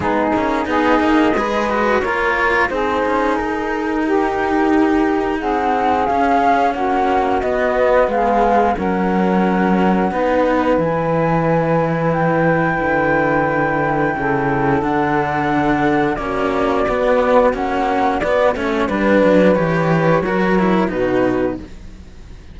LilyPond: <<
  \new Staff \with { instrumentName = "flute" } { \time 4/4 \tempo 4 = 89 gis'4 dis''2 cis''4 | c''4 ais'2. | fis''4 f''4 fis''4 dis''4 | f''4 fis''2. |
gis''2 g''2~ | g''2 fis''2 | d''2 fis''4 d''8 cis''8 | b'4 cis''2 b'4 | }
  \new Staff \with { instrumentName = "saxophone" } { \time 4/4 dis'4 gis'4 b'4 ais'4 | gis'2 g'2 | gis'2 fis'2 | gis'4 ais'2 b'4~ |
b'1~ | b'4 a'2. | fis'1 | b'2 ais'4 fis'4 | }
  \new Staff \with { instrumentName = "cello" } { \time 4/4 b8 cis'8 dis'4 gis'8 fis'8 f'4 | dis'1~ | dis'4 cis'2 b4~ | b4 cis'2 dis'4 |
e'1~ | e'2 d'2 | cis'4 b4 cis'4 b8 cis'8 | d'4 g'4 fis'8 e'8 dis'4 | }
  \new Staff \with { instrumentName = "cello" } { \time 4/4 gis8 ais8 b8 ais8 gis4 ais4 | c'8 cis'8 dis'2. | c'4 cis'4 ais4 b4 | gis4 fis2 b4 |
e2. d4~ | d4 cis4 d2 | ais4 b4 ais4 b8 a8 | g8 fis8 e4 fis4 b,4 | }
>>